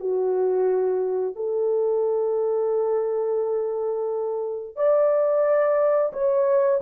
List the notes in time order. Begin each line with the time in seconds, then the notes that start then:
0.00 F#4
1.35 A4
4.76 D5
6.13 C#5